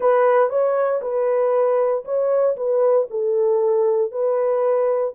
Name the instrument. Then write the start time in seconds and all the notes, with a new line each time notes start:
horn
0.00 B4
0.49 C#5
1.01 B4
2.04 C#5
2.56 B4
3.10 A4
4.11 B4